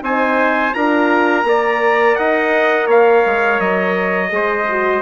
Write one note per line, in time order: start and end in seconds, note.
0.00 0.73 C4
0.00 0.71 D#4
0.00 0.75 C5
0.00 0.73 G#5
0.73 1.43 D4
0.73 1.44 F4
0.73 1.47 A#4
0.73 2.15 A#5
1.43 2.15 A#3
1.43 4.29 A#4
1.43 2.18 D5
2.15 2.87 D#4
2.15 2.86 D#5
2.15 2.87 F#5
2.86 3.22 A#3
2.86 4.29 C#5
2.86 3.59 F5
3.25 3.59 G#3
3.59 4.31 F#3
3.59 5.02 D#5
4.29 5.02 G#3
4.29 4.65 G#4
4.29 5.02 C5
4.69 5.02 F#4